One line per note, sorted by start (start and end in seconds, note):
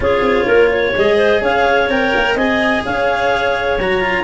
0.00 0.21 C#4
0.00 0.94 F4
0.00 0.45 G#4
0.00 0.96 C#5
0.21 0.45 C4
0.45 0.93 A#3
0.45 0.69 A#4
0.71 1.17 C#5
0.95 1.41 G#3
0.95 1.89 G#4
0.95 1.43 D#5
1.17 1.40 C5
1.41 1.88 C#4
1.41 2.35 C#5
1.41 1.90 F5
1.88 2.12 C4
1.88 2.37 A#4
1.88 2.37 G5
2.15 2.35 A#3
2.35 2.82 C4
2.35 3.79 G#4
2.35 2.82 D#5
2.35 2.84 G#5
2.84 3.78 C#4
2.84 4.24 C#5
2.84 3.79 F5
3.78 4.24 F#3
3.78 4.00 F#4
3.78 4.24 A#5
4.00 4.24 F4